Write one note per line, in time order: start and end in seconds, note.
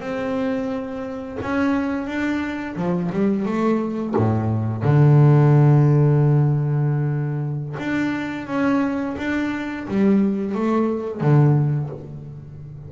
0.00 1.38 C4
1.42 2.07 C#4
2.07 2.76 D4
2.76 3.11 F3
3.12 3.46 G3
3.46 4.15 A3
4.17 4.83 A2
4.83 7.76 D3
7.79 8.47 D4
8.47 9.16 C#4
9.18 9.87 D4
9.88 10.55 G3
10.55 11.21 A3
11.21 11.90 D3